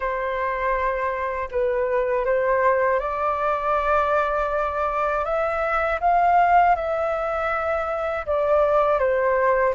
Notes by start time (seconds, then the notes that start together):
0.00 C5
1.51 B4
2.25 C5
2.99 D5
5.24 E5
6.00 F5
6.75 E5
8.25 D5
8.99 C5